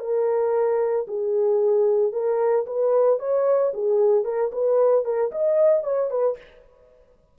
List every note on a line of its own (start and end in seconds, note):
0.00 1.06 A#4
1.08 2.13 G#4
2.13 2.66 A#4
2.67 3.20 B4
3.20 3.73 C#5
3.74 4.25 G#4
4.25 4.51 A#4
4.52 5.05 B4
5.05 5.32 A#4
5.32 5.84 D#5
5.84 6.11 C#5
6.11 6.37 B4